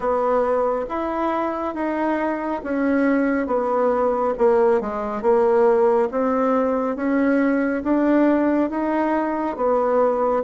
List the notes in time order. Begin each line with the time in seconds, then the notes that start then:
0.00 B3
0.89 E4
1.74 D#4
2.63 C#4
3.47 B3
4.38 A#3
4.80 G#3
5.22 A#3
6.11 C4
6.96 C#4
7.83 D4
8.70 D#4
9.56 B3